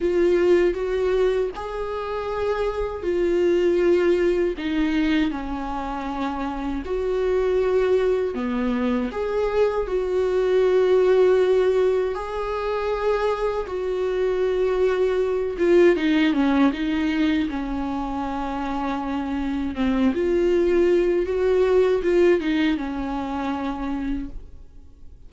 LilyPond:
\new Staff \with { instrumentName = "viola" } { \time 4/4 \tempo 4 = 79 f'4 fis'4 gis'2 | f'2 dis'4 cis'4~ | cis'4 fis'2 b4 | gis'4 fis'2. |
gis'2 fis'2~ | fis'8 f'8 dis'8 cis'8 dis'4 cis'4~ | cis'2 c'8 f'4. | fis'4 f'8 dis'8 cis'2 | }